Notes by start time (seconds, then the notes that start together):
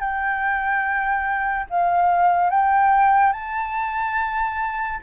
0.00 G5
1.70 F5
2.51 G5
3.33 A5